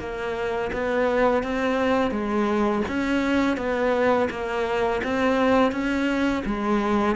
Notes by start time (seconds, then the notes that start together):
0.00 A#3
0.73 B3
1.44 C4
2.11 G#3
2.89 C#4
3.57 B3
4.31 A#3
5.04 C4
5.72 C#4
6.46 G#3